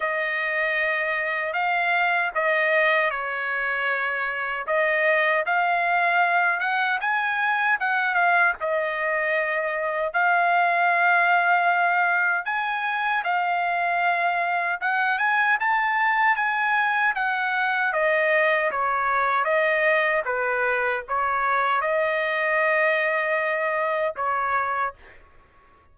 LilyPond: \new Staff \with { instrumentName = "trumpet" } { \time 4/4 \tempo 4 = 77 dis''2 f''4 dis''4 | cis''2 dis''4 f''4~ | f''8 fis''8 gis''4 fis''8 f''8 dis''4~ | dis''4 f''2. |
gis''4 f''2 fis''8 gis''8 | a''4 gis''4 fis''4 dis''4 | cis''4 dis''4 b'4 cis''4 | dis''2. cis''4 | }